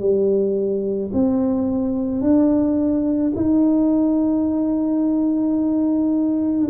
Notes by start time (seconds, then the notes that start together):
0.00 G3
1.14 C4
2.22 D4
3.36 D#4